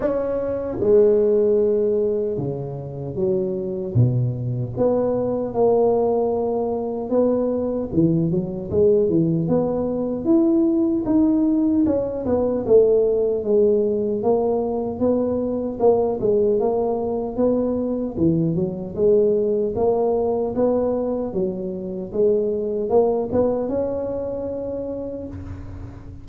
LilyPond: \new Staff \with { instrumentName = "tuba" } { \time 4/4 \tempo 4 = 76 cis'4 gis2 cis4 | fis4 b,4 b4 ais4~ | ais4 b4 e8 fis8 gis8 e8 | b4 e'4 dis'4 cis'8 b8 |
a4 gis4 ais4 b4 | ais8 gis8 ais4 b4 e8 fis8 | gis4 ais4 b4 fis4 | gis4 ais8 b8 cis'2 | }